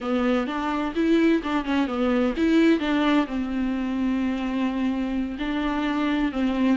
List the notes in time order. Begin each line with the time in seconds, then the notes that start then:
0.00 B3
0.46 D4
0.95 E4
1.43 D4
1.64 C#4
1.87 B3
2.37 E4
2.79 D4
3.26 C4
5.38 D4
6.32 C4